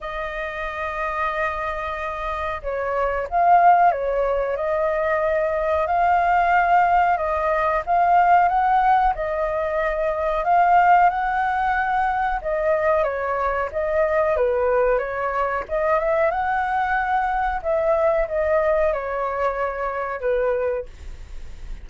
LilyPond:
\new Staff \with { instrumentName = "flute" } { \time 4/4 \tempo 4 = 92 dis''1 | cis''4 f''4 cis''4 dis''4~ | dis''4 f''2 dis''4 | f''4 fis''4 dis''2 |
f''4 fis''2 dis''4 | cis''4 dis''4 b'4 cis''4 | dis''8 e''8 fis''2 e''4 | dis''4 cis''2 b'4 | }